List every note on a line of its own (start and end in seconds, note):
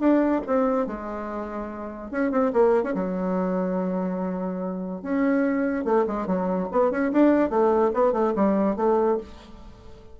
0.00 0.42 D4
0.47 0.87 C4
0.87 2.11 G#3
2.11 2.32 C#4
2.32 2.52 C4
2.53 2.84 A#3
2.84 2.94 C#4
2.95 5.02 F#3
5.02 5.85 C#4
5.85 6.06 A3
6.07 6.27 G#3
6.27 6.68 F#3
6.72 6.91 B3
6.91 7.12 C#4
7.12 7.50 D4
7.50 7.92 A3
7.94 8.13 B3
8.13 8.34 A3
8.35 8.76 G3
8.76 9.18 A3